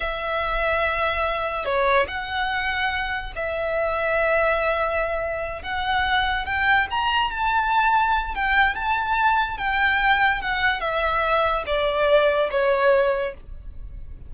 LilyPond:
\new Staff \with { instrumentName = "violin" } { \time 4/4 \tempo 4 = 144 e''1 | cis''4 fis''2. | e''1~ | e''4. fis''2 g''8~ |
g''8 ais''4 a''2~ a''8 | g''4 a''2 g''4~ | g''4 fis''4 e''2 | d''2 cis''2 | }